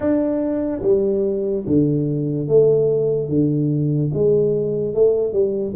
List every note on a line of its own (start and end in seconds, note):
0.00 0.81 D4
0.82 1.64 G3
1.66 2.47 D3
2.47 3.29 A3
3.29 4.11 D3
4.13 4.94 G#3
4.94 5.32 A3
5.32 5.73 G3